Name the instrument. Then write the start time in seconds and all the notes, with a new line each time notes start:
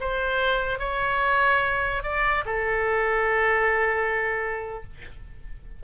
oboe
0.00 C5
0.79 C#5
2.03 D5
2.45 A4